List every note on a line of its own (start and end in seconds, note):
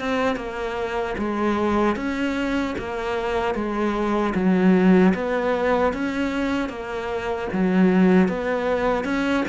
0.00 0.36 C4
0.36 1.15 A#3
1.18 1.96 G#3
1.96 2.75 C#4
2.79 3.55 A#3
3.55 4.34 G#3
4.35 5.14 F#3
5.15 5.93 B3
5.93 6.69 C#4
6.69 7.48 A#3
7.53 8.28 F#3
8.28 9.05 B3
9.05 9.44 C#4